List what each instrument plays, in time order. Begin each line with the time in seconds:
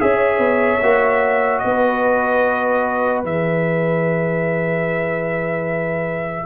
0.00 tuba C#4, trombone G#4, horn C#5, trumpet E5
0.39 tuba B3
0.82 tuba A#3, trombone F#4
1.59 tuba B3, horn B4, trumpet D#5
3.24 tuba E3, trombone G#4, trumpet E5